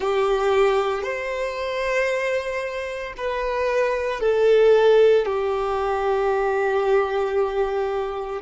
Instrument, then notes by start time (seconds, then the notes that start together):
violin
0.00 G4
1.02 C5
3.17 B4
4.20 A4
5.25 G4